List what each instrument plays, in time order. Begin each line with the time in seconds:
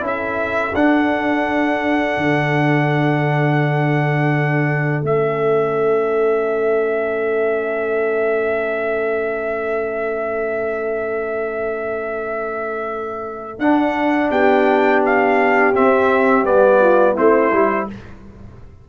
0.00 tuba C#4, trombone E4, horn A4
0.06 trumpet E5
0.74 tuba D4, trombone D4, trumpet F#5
2.17 tuba D3
5.03 tuba A3, trombone C#4, trumpet E5
13.58 tuba D4, trombone D4, trumpet F#5
14.30 tuba B3, horn G4, trumpet G5
15.05 trumpet F5
15.73 trombone C4, tuba C4, trumpet E5
16.43 tuba G3, trombone B3, trumpet D5
16.81 horn F4
17.14 tuba A3, trombone C4, horn E4, trumpet C5
17.52 tuba G3, trombone E4